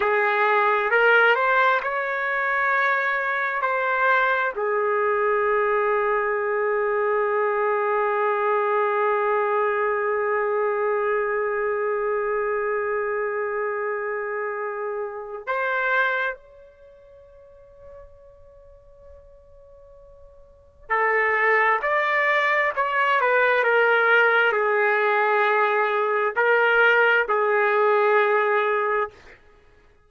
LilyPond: \new Staff \with { instrumentName = "trumpet" } { \time 4/4 \tempo 4 = 66 gis'4 ais'8 c''8 cis''2 | c''4 gis'2.~ | gis'1~ | gis'1~ |
gis'4 c''4 cis''2~ | cis''2. a'4 | d''4 cis''8 b'8 ais'4 gis'4~ | gis'4 ais'4 gis'2 | }